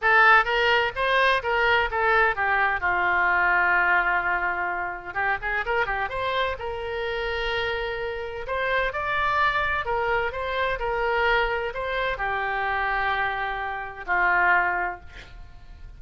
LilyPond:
\new Staff \with { instrumentName = "oboe" } { \time 4/4 \tempo 4 = 128 a'4 ais'4 c''4 ais'4 | a'4 g'4 f'2~ | f'2. g'8 gis'8 | ais'8 g'8 c''4 ais'2~ |
ais'2 c''4 d''4~ | d''4 ais'4 c''4 ais'4~ | ais'4 c''4 g'2~ | g'2 f'2 | }